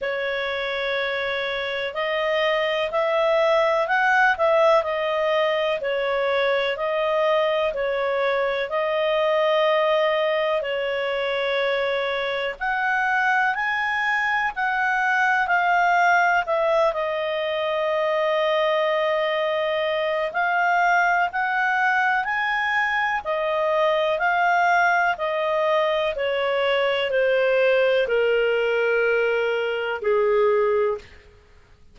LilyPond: \new Staff \with { instrumentName = "clarinet" } { \time 4/4 \tempo 4 = 62 cis''2 dis''4 e''4 | fis''8 e''8 dis''4 cis''4 dis''4 | cis''4 dis''2 cis''4~ | cis''4 fis''4 gis''4 fis''4 |
f''4 e''8 dis''2~ dis''8~ | dis''4 f''4 fis''4 gis''4 | dis''4 f''4 dis''4 cis''4 | c''4 ais'2 gis'4 | }